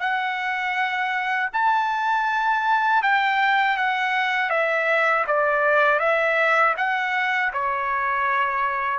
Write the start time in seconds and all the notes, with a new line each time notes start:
0.00 F#5
1.53 A5
3.03 G5
3.77 F#5
4.50 E5
5.27 D5
6.00 E5
6.77 F#5
7.53 C#5